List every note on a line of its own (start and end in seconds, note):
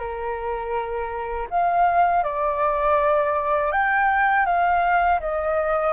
0.00 1.48 A#4
1.51 2.24 F5
2.24 3.72 D5
3.72 4.46 G5
4.46 5.20 F5
5.21 5.94 D#5